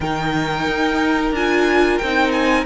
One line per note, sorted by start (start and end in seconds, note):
0.00 0.66 D#3
0.00 1.35 D#4
0.00 2.65 A#4
0.00 1.34 G5
0.66 1.31 D#4
1.31 1.98 D4
1.31 2.02 F4
1.31 1.97 G#5
1.97 2.65 C4
1.97 2.31 G5
2.04 2.65 D#4
2.32 2.65 G#5